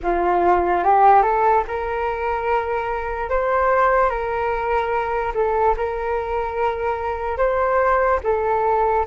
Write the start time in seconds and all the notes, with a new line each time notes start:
0.02 F4
0.83 G4
1.22 A4
1.67 A#4
3.29 C5
4.09 A#4
5.34 A4
5.76 A#4
7.37 C5
8.23 A4